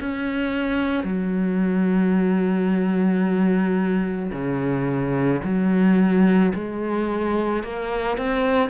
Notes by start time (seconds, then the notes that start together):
0.00 C#4
1.04 F#3
4.32 C#3
5.44 F#3
6.55 G#3
7.64 A#3
8.18 C4